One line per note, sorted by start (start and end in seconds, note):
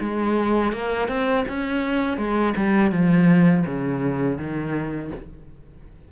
0.00 0.73 G#3
0.73 1.08 A#3
1.08 1.45 C4
1.48 2.17 C#4
2.17 2.54 G#3
2.57 2.91 G3
2.91 3.65 F3
3.66 4.38 C#3
4.38 5.11 D#3